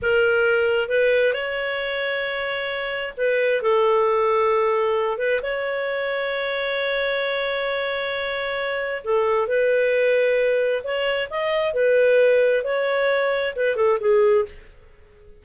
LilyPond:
\new Staff \with { instrumentName = "clarinet" } { \time 4/4 \tempo 4 = 133 ais'2 b'4 cis''4~ | cis''2. b'4 | a'2.~ a'8 b'8 | cis''1~ |
cis''1 | a'4 b'2. | cis''4 dis''4 b'2 | cis''2 b'8 a'8 gis'4 | }